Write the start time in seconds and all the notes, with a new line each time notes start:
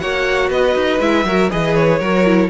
0.00 A#3 F#4 C#5 F#5
0.51 B3 B4 D#5
0.76 D#4
1.00 G#3 E4 E5
1.25 F#3 F#4 A#4
1.51 E3 G#4 B4 D#5
1.76 C#5
2.00 F#3 F#4 A#4
2.26 E4